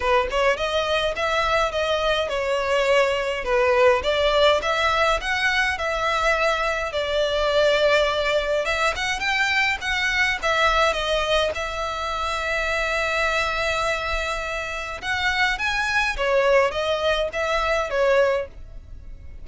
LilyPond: \new Staff \with { instrumentName = "violin" } { \time 4/4 \tempo 4 = 104 b'8 cis''8 dis''4 e''4 dis''4 | cis''2 b'4 d''4 | e''4 fis''4 e''2 | d''2. e''8 fis''8 |
g''4 fis''4 e''4 dis''4 | e''1~ | e''2 fis''4 gis''4 | cis''4 dis''4 e''4 cis''4 | }